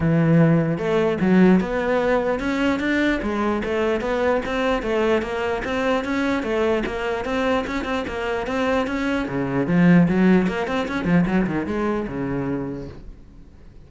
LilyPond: \new Staff \with { instrumentName = "cello" } { \time 4/4 \tempo 4 = 149 e2 a4 fis4 | b2 cis'4 d'4 | gis4 a4 b4 c'4 | a4 ais4 c'4 cis'4 |
a4 ais4 c'4 cis'8 c'8 | ais4 c'4 cis'4 cis4 | f4 fis4 ais8 c'8 cis'8 f8 | fis8 dis8 gis4 cis2 | }